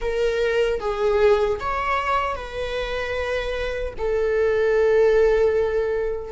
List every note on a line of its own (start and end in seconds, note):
0.01 0.80 A#4
0.80 1.59 G#4
1.60 2.35 C#5
2.35 3.93 B4
3.98 6.32 A4